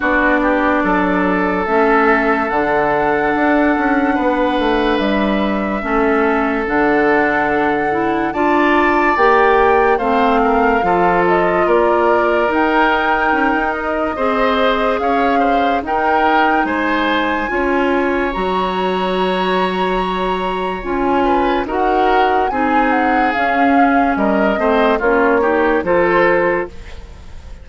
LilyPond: <<
  \new Staff \with { instrumentName = "flute" } { \time 4/4 \tempo 4 = 72 d''2 e''4 fis''4~ | fis''2 e''2 | fis''2 a''4 g''4 | f''4. dis''8 d''4 g''4~ |
g''8 dis''4. f''4 g''4 | gis''2 ais''2~ | ais''4 gis''4 fis''4 gis''8 fis''8 | f''4 dis''4 cis''4 c''4 | }
  \new Staff \with { instrumentName = "oboe" } { \time 4/4 fis'8 g'8 a'2.~ | a'4 b'2 a'4~ | a'2 d''2 | c''8 ais'8 a'4 ais'2~ |
ais'4 c''4 cis''8 c''8 ais'4 | c''4 cis''2.~ | cis''4. b'8 ais'4 gis'4~ | gis'4 ais'8 c''8 f'8 g'8 a'4 | }
  \new Staff \with { instrumentName = "clarinet" } { \time 4/4 d'2 cis'4 d'4~ | d'2. cis'4 | d'4. e'8 f'4 g'4 | c'4 f'2 dis'4~ |
dis'4 gis'2 dis'4~ | dis'4 f'4 fis'2~ | fis'4 f'4 fis'4 dis'4 | cis'4. c'8 cis'8 dis'8 f'4 | }
  \new Staff \with { instrumentName = "bassoon" } { \time 4/4 b4 fis4 a4 d4 | d'8 cis'8 b8 a8 g4 a4 | d2 d'4 ais4 | a4 f4 ais4 dis'4 |
cis'16 dis'8. c'4 cis'4 dis'4 | gis4 cis'4 fis2~ | fis4 cis'4 dis'4 c'4 | cis'4 g8 a8 ais4 f4 | }
>>